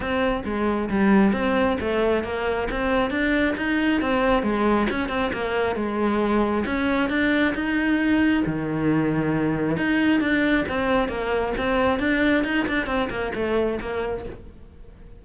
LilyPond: \new Staff \with { instrumentName = "cello" } { \time 4/4 \tempo 4 = 135 c'4 gis4 g4 c'4 | a4 ais4 c'4 d'4 | dis'4 c'4 gis4 cis'8 c'8 | ais4 gis2 cis'4 |
d'4 dis'2 dis4~ | dis2 dis'4 d'4 | c'4 ais4 c'4 d'4 | dis'8 d'8 c'8 ais8 a4 ais4 | }